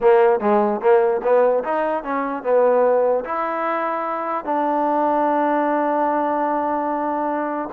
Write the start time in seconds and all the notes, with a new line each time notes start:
0.00 A#3
0.40 G#3
0.80 A#3
1.23 B3
1.63 D#4
2.03 C#4
2.43 B3
3.24 E4
4.44 D4